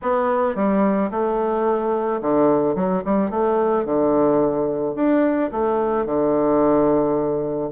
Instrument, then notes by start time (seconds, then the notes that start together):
bassoon
0.02 B3
0.55 G3
1.10 A3
2.21 D3
2.75 F#3
3.04 G3
3.30 A3
3.85 D3
4.95 D4
5.51 A3
6.05 D3